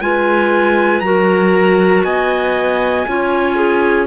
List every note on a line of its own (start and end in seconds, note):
0.00 1.01 G#3
0.00 1.03 F4
0.00 1.05 B4
0.00 1.00 G#5
1.00 2.03 F#3
1.00 3.07 F#4
1.00 2.05 A#4
1.00 2.02 A#5
2.03 3.05 B3
2.03 3.07 D#5
2.03 4.06 G#5
3.07 4.06 C#4
3.07 4.06 F4
3.07 3.55 C#5
3.55 4.06 G#4